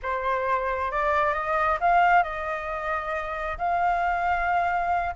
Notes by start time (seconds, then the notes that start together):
0.02 C5
0.91 D5
1.33 D#5
1.80 F5
2.23 D#5
3.58 F5